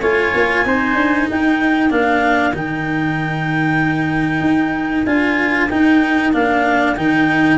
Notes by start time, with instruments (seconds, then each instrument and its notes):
0.00 tuba A3, cello F4, trumpet C#5, clarinet G#5
0.34 tuba A#3
0.65 tuba C4, cello D#4, trumpet C5
0.95 tuba D4
1.29 tuba D#4, trumpet A#4, clarinet G5
1.89 tuba A#3, cello D4, clarinet F5
2.53 tuba D#3, cello D#4, clarinet G5
4.40 tuba D#4
5.05 tuba D4, cello F4, clarinet G#5
5.69 cello D#4, tuba D#4, clarinet G5
6.33 tuba A#3, cello D4, clarinet F5
6.95 tuba D#3, cello D#4, clarinet G5